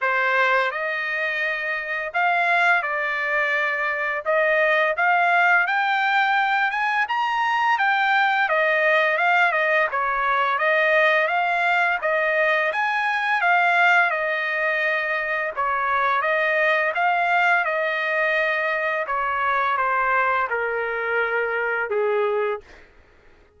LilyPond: \new Staff \with { instrumentName = "trumpet" } { \time 4/4 \tempo 4 = 85 c''4 dis''2 f''4 | d''2 dis''4 f''4 | g''4. gis''8 ais''4 g''4 | dis''4 f''8 dis''8 cis''4 dis''4 |
f''4 dis''4 gis''4 f''4 | dis''2 cis''4 dis''4 | f''4 dis''2 cis''4 | c''4 ais'2 gis'4 | }